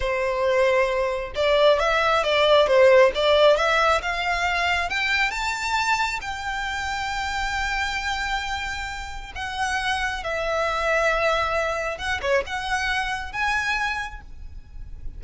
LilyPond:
\new Staff \with { instrumentName = "violin" } { \time 4/4 \tempo 4 = 135 c''2. d''4 | e''4 d''4 c''4 d''4 | e''4 f''2 g''4 | a''2 g''2~ |
g''1~ | g''4 fis''2 e''4~ | e''2. fis''8 cis''8 | fis''2 gis''2 | }